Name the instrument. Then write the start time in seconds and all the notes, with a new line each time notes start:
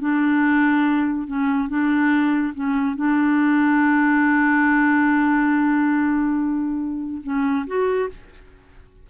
clarinet
0.00 D4
1.27 C#4
1.69 D4
2.55 C#4
2.96 D4
7.23 C#4
7.67 F#4